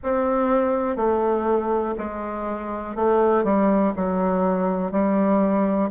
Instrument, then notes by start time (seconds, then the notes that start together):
bassoon
0.03 C4
0.96 A3
1.98 G#3
2.95 A3
3.43 G3
3.96 F#3
4.91 G3